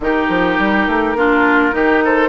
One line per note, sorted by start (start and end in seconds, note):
0.00 0.27 D#3
0.00 1.17 D#4
0.00 1.17 G4
0.00 2.04 A#4
0.28 0.57 F3
0.58 0.87 G3
0.87 1.15 A3
1.15 1.72 A#3
1.15 1.72 D4
1.15 1.74 F4
1.72 2.28 D#3
1.72 2.28 D#4
1.72 2.03 G4
2.04 2.28 A4
2.04 2.28 C5